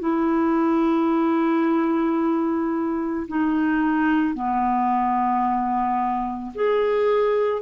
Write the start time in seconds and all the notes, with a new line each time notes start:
0.00 E4
3.28 D#4
4.34 B3
6.55 G#4